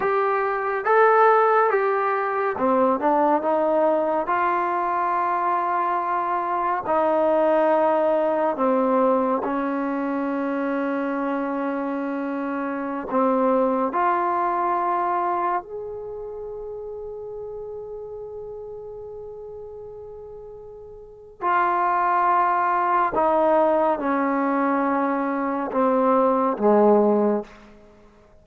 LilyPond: \new Staff \with { instrumentName = "trombone" } { \time 4/4 \tempo 4 = 70 g'4 a'4 g'4 c'8 d'8 | dis'4 f'2. | dis'2 c'4 cis'4~ | cis'2.~ cis'16 c'8.~ |
c'16 f'2 gis'4.~ gis'16~ | gis'1~ | gis'4 f'2 dis'4 | cis'2 c'4 gis4 | }